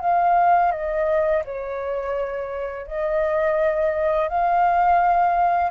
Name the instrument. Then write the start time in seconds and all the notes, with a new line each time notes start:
flute
0.00 F5
0.71 D#5
1.44 C#5
2.87 D#5
4.28 F5